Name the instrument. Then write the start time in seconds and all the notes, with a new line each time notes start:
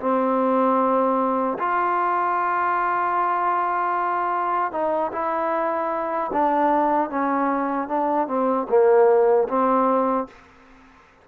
trombone
0.00 C4
1.59 F4
4.72 D#4
5.13 E4
6.33 D4
7.10 C#4
7.89 D4
8.28 C4
8.69 A#3
9.49 C4